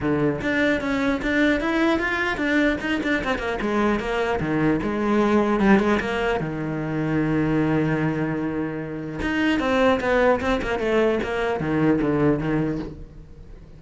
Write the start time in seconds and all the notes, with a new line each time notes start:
0.00 D3
0.41 D4
0.80 C#4
1.22 D4
1.60 E4
1.99 F4
2.37 D4
2.80 D#4
3.03 D4
3.23 C4
3.38 A#3
3.61 G#3
3.99 A#3
4.40 D#3
4.82 G#3
5.60 G3
5.79 G#3
6.00 A#3
6.40 D#3
9.21 D#4
9.59 C4
10.00 B3
10.40 C4
10.61 A#3
10.79 A3
11.23 A#3
11.60 D#3
12.01 D3
12.39 D#3